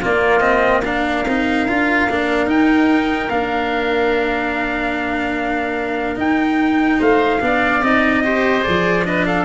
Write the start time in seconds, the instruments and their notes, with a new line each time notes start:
0.00 cello A#3, tuba A#3, oboe F4, trumpet D5
0.40 cello C4, trumpet D#5
0.85 cello D4, oboe A#4, trumpet F5
1.26 tuba C4, cello D#4
1.67 tuba D4, cello F4
2.09 tuba A#3, cello D4
2.47 tuba D#4, cello D#4, trumpet G5
3.30 tuba A#3, cello D4, trumpet F5
6.16 cello D#4, tuba D#4, trumpet G5
6.99 tuba A3, oboe C5, trumpet F5
7.41 tuba B3, cello D4, oboe D5
7.82 tuba C4, cello D#4, trumpet D#5
8.24 cello G4, oboe C5
8.62 cello G#4, trumpet D5
8.68 tuba F3
9.05 cello D4, oboe B4, trumpet D#5
9.26 oboe A4, trumpet F5